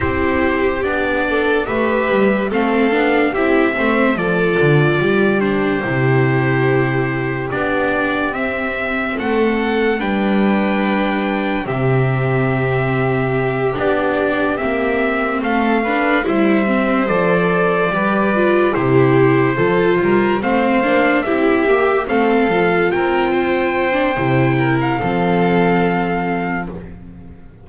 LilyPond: <<
  \new Staff \with { instrumentName = "trumpet" } { \time 4/4 \tempo 4 = 72 c''4 d''4 e''4 f''4 | e''4 d''4. c''4.~ | c''4 d''4 e''4 fis''4 | g''2 e''2~ |
e''8 d''4 e''4 f''4 e''8~ | e''8 d''2 c''4.~ | c''8 f''4 e''4 f''4 g''8~ | g''4.~ g''16 f''2~ f''16 | }
  \new Staff \with { instrumentName = "violin" } { \time 4/4 g'4. a'8 b'4 a'4 | g'8 c''8 a'4 g'2~ | g'2. a'4 | b'2 g'2~ |
g'2~ g'8 a'8 b'8 c''8~ | c''4. b'4 g'4 a'8 | ais'8 c''4 g'4 a'4 ais'8 | c''4. ais'8 a'2 | }
  \new Staff \with { instrumentName = "viola" } { \time 4/4 e'4 d'4 g'4 c'8 d'8 | e'8 c'8 f'4. d'8 e'4~ | e'4 d'4 c'2 | d'2 c'2~ |
c'8 d'4 c'4. d'8 e'8 | c'8 a'4 g'8 f'8 e'4 f'8~ | f'8 c'8 d'8 e'8 g'8 c'8 f'4~ | f'8. d'16 e'4 c'2 | }
  \new Staff \with { instrumentName = "double bass" } { \time 4/4 c'4 b4 a8 g8 a8 b8 | c'8 a8 f8 d8 g4 c4~ | c4 b4 c'4 a4 | g2 c2~ |
c8 b4 ais4 a4 g8~ | g8 f4 g4 c4 f8 | g8 a8 ais8 c'8 ais8 a8 f8 c'8~ | c'4 c4 f2 | }
>>